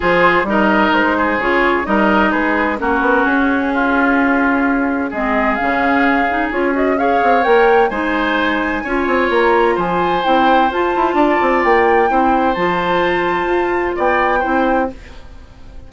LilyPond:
<<
  \new Staff \with { instrumentName = "flute" } { \time 4/4 \tempo 4 = 129 c''4 dis''4 c''4 cis''4 | dis''4 b'4 ais'4 gis'4~ | gis'2. dis''4 | f''2 cis''8 dis''8 f''4 |
g''4 gis''2. | ais''4 gis''4 g''4 a''4~ | a''4 g''2 a''4~ | a''2 g''2 | }
  \new Staff \with { instrumentName = "oboe" } { \time 4/4 gis'4 ais'4. gis'4. | ais'4 gis'4 fis'2 | f'2. gis'4~ | gis'2. cis''4~ |
cis''4 c''2 cis''4~ | cis''4 c''2. | d''2 c''2~ | c''2 d''4 c''4 | }
  \new Staff \with { instrumentName = "clarinet" } { \time 4/4 f'4 dis'2 f'4 | dis'2 cis'2~ | cis'2. c'4 | cis'4. dis'8 f'8 fis'8 gis'4 |
ais'4 dis'2 f'4~ | f'2 e'4 f'4~ | f'2 e'4 f'4~ | f'2. e'4 | }
  \new Staff \with { instrumentName = "bassoon" } { \time 4/4 f4 g4 gis4 cis4 | g4 gis4 ais8 b8 cis'4~ | cis'2. gis4 | cis2 cis'4. c'8 |
ais4 gis2 cis'8 c'8 | ais4 f4 c'4 f'8 e'8 | d'8 c'8 ais4 c'4 f4~ | f4 f'4 b4 c'4 | }
>>